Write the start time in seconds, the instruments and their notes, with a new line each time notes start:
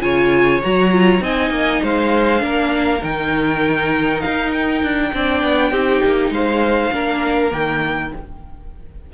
0.00 cello C#3, viola F4, violin C#5 G#5
0.62 cello F#3, viola F#4, violin A#5
0.91 viola F4
1.20 cello C4, viola D#4, violin D#5 G#5
1.50 cello A#3
1.82 cello G#3, violin C5 F5
2.38 cello A#3, viola D4, violin A#4
3.01 cello D#3, viola D#4, violin G5
4.21 cello D#4, violin F5
4.53 violin G5
4.82 cello D4
5.13 cello C4, viola D4, violin D5
5.43 cello B3
5.71 cello C4, viola D#4, violin G4
6.04 cello A#3
6.30 cello G#3, violin C5 F5
6.92 cello A#3, viola D4, violin A#4
7.50 cello D#3, viola A#3, violin G5